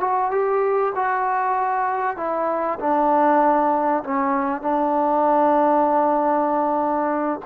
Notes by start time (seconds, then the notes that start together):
0.00 F#4
0.31 G4
0.95 F#4
2.16 E4
2.79 D4
4.03 C#4
4.61 D4